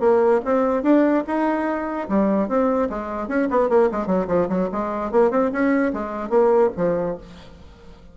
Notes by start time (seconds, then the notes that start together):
0.00 A#3
0.45 C4
0.83 D4
1.27 D#4
2.09 G3
2.48 C4
2.89 G#3
3.28 C#4
3.50 B3
3.69 A#3
3.91 G#3
4.06 F#3
4.28 F3
4.49 F#3
4.72 G#3
5.11 A#3
5.31 C4
5.52 C#4
5.93 G#3
6.29 A#3
6.77 F3